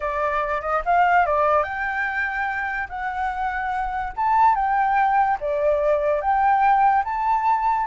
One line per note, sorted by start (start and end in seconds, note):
0.00 0.61 D5
0.61 0.82 D#5
0.85 1.26 F5
1.26 1.63 D5
1.63 2.87 G5
2.89 4.13 F#5
4.16 4.55 A5
4.55 5.38 G5
5.40 6.21 D5
6.21 7.03 G5
7.04 7.86 A5